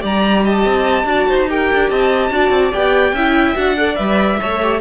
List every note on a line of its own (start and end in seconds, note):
0.00 0.65 G3
0.00 1.04 G4
0.00 0.43 D5
0.00 0.45 A#5
0.44 1.06 D#5
0.44 1.50 A5
0.65 1.04 C4
1.04 1.25 D4
1.04 1.48 F#4
1.04 1.28 D5
1.28 1.71 D#4
1.28 1.49 C5
1.48 2.31 G4
1.48 1.90 A#4
1.48 1.90 G5
1.72 1.90 D4
1.90 2.29 C4
1.90 2.32 D#5
1.90 2.72 A5
2.29 2.49 D4
2.29 2.72 F#4
2.29 3.14 D5
2.49 2.70 C4
2.72 3.12 B3
2.72 3.13 G4
2.72 3.56 G5
3.12 3.54 C#4
3.12 3.55 E4
3.12 3.76 E5
3.55 3.98 D4
3.55 3.76 F#4
3.55 3.95 F#5
3.77 3.95 A4
3.77 4.40 D5
3.95 4.40 G3
3.95 4.37 B4
3.95 4.78 E5
4.40 4.80 A3
4.40 4.62 A4
4.40 4.80 C#5
4.62 4.80 G4